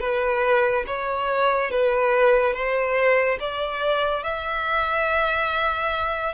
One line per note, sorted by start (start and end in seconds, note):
0.00 0.85 B4
0.87 1.71 C#5
1.71 2.54 B4
2.54 3.38 C5
3.40 4.23 D5
4.23 6.34 E5